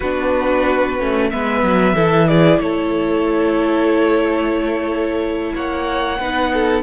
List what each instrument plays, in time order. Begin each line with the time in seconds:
0.00 cello B3, viola D4, violin F#4 B4
0.99 cello A3, viola C#4
1.30 cello G#3, viola B3, violin B4 E5
1.63 cello F#3
1.93 cello E3, viola E4, violin A4
2.28 violin G#4 D5
2.59 cello A3, violin A4 C#5
5.54 cello A#3, violin C#5 F#5
6.19 cello B3, viola D#4, violin B4
6.53 violin A4